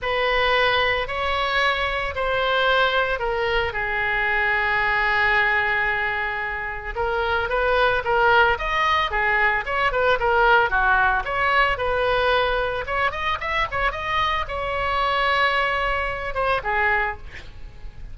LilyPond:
\new Staff \with { instrumentName = "oboe" } { \time 4/4 \tempo 4 = 112 b'2 cis''2 | c''2 ais'4 gis'4~ | gis'1~ | gis'4 ais'4 b'4 ais'4 |
dis''4 gis'4 cis''8 b'8 ais'4 | fis'4 cis''4 b'2 | cis''8 dis''8 e''8 cis''8 dis''4 cis''4~ | cis''2~ cis''8 c''8 gis'4 | }